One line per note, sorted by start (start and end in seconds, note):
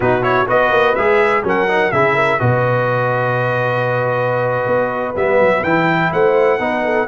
0.00 0.46 B2
0.00 0.22 D#4
0.00 0.47 F#4
0.00 0.22 B4
0.22 0.46 E4
0.22 0.46 C#5
0.47 0.71 B3
0.47 0.95 F#4
0.47 1.43 B4
0.47 0.95 D#5
0.71 0.95 A#3
0.95 1.43 G#3
0.95 1.43 G#4
0.95 1.43 E5
1.43 1.91 F#3
1.43 1.67 C#4
1.43 1.92 A#4
1.43 1.91 F#5
1.68 1.92 D#4
1.91 2.40 C#3
1.91 2.39 E4
1.91 2.14 G#4
1.91 2.39 E5
2.14 2.38 A#4
2.39 4.66 B2
2.39 5.15 F#4
2.39 6.11 B4
2.39 5.15 D#5
4.66 5.14 B3
5.16 5.39 G3
5.16 5.64 B3
5.16 5.63 E5
5.39 5.63 F#3
5.63 6.11 E3
5.63 6.59 E4
5.63 6.11 G5
6.12 6.59 A3
6.12 6.60 C5
6.12 7.08 F#5
6.59 7.07 B3
6.59 7.07 D#4
6.59 6.84 B4
6.84 7.08 A4